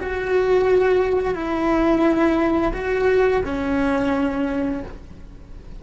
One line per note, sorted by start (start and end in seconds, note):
0.00 1.35 F#4
1.35 2.73 E4
2.74 3.43 F#4
3.45 4.83 C#4